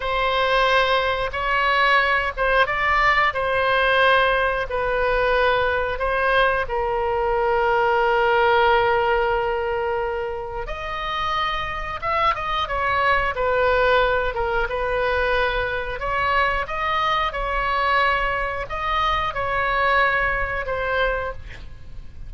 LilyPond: \new Staff \with { instrumentName = "oboe" } { \time 4/4 \tempo 4 = 90 c''2 cis''4. c''8 | d''4 c''2 b'4~ | b'4 c''4 ais'2~ | ais'1 |
dis''2 e''8 dis''8 cis''4 | b'4. ais'8 b'2 | cis''4 dis''4 cis''2 | dis''4 cis''2 c''4 | }